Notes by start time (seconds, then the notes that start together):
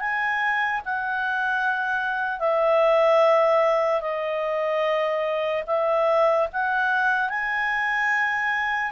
0.00 G#5
0.85 F#5
2.39 E5
4.01 D#5
5.67 E5
6.52 F#5
7.29 G#5